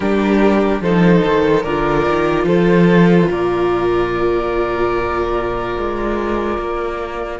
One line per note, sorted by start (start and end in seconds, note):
0.00 0.80 G3
0.00 0.83 D4
0.00 0.82 G4
0.00 0.80 A#4
0.80 1.21 F3
0.80 1.65 D#4
0.80 1.63 A4
0.80 1.63 C5
1.24 1.66 D#3
1.63 2.07 D3
1.63 7.40 F4
1.63 2.45 A#4
1.63 2.45 D5
2.08 2.44 D#3
2.44 3.26 F3
2.44 3.29 A4
2.44 3.29 C5
3.30 5.77 A#2
3.30 7.40 A#4
3.30 7.40 D5
5.77 6.58 G#3
6.58 7.40 A#3